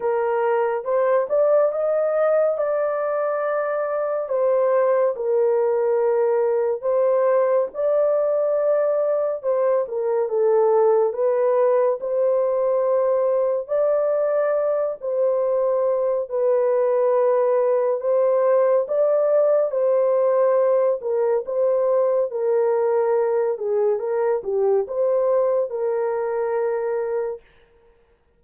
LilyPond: \new Staff \with { instrumentName = "horn" } { \time 4/4 \tempo 4 = 70 ais'4 c''8 d''8 dis''4 d''4~ | d''4 c''4 ais'2 | c''4 d''2 c''8 ais'8 | a'4 b'4 c''2 |
d''4. c''4. b'4~ | b'4 c''4 d''4 c''4~ | c''8 ais'8 c''4 ais'4. gis'8 | ais'8 g'8 c''4 ais'2 | }